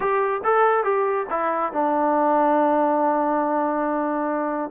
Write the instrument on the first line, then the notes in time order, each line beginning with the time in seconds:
trombone
0.00 G4
0.44 A4
0.83 G4
1.30 E4
1.72 D4